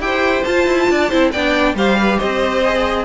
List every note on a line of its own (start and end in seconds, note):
0.00 0.43 E4
0.00 0.45 G4
0.00 0.92 C5
0.00 0.45 G5
0.45 1.11 F4
0.45 0.67 F4
0.45 1.32 A5
0.67 0.89 E4
0.90 1.12 D4
0.90 1.10 D5
1.10 1.35 C4
1.10 1.33 E4
1.10 1.32 C5
1.32 1.75 B3
1.32 1.77 D4
1.32 1.76 D5
1.32 1.75 G5
1.75 2.18 G3
1.75 2.64 G4
1.75 1.99 C5
1.75 2.20 F5
2.01 2.18 B4
2.18 3.05 C4
2.18 3.05 C5
2.18 3.05 D#5
2.65 3.05 G#4